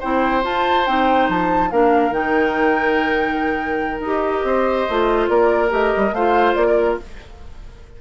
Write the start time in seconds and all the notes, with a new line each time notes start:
0.00 C4 E4 C5 G5
0.43 F4 A5
0.86 C4 D#4 G5
1.29 F3 A5
1.71 A#3 D4 A#4 F5
2.11 D#3 D#4 G5
4.00 D#4 G4 D#5
4.44 C4 C5
4.90 A3 F4
5.29 A#3 A#4 D5
5.69 A3 G4 D#5
5.97 G3
6.12 A3 F4 C5 F5
6.55 A#3 D5
6.67 A#4